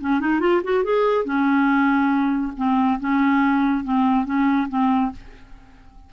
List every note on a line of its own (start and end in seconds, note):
0.00 0.20 C#4
0.20 0.40 D#4
0.40 0.61 F4
0.63 0.83 F#4
0.83 1.25 G#4
1.25 2.52 C#4
2.56 2.99 C4
2.99 3.83 C#4
3.83 4.25 C4
4.25 4.68 C#4
4.68 5.11 C4